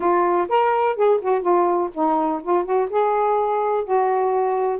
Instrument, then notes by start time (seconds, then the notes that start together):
saxophone
0.00 F4
0.48 A#4
0.96 G#4
1.21 F#4
1.41 F4
1.94 D#4
2.42 F4
2.64 F#4
2.90 G#4
3.84 F#4